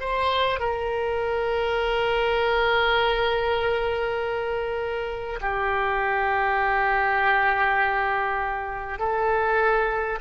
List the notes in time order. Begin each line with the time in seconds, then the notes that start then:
0.00 C5
0.60 A#4
5.41 G4
8.99 A4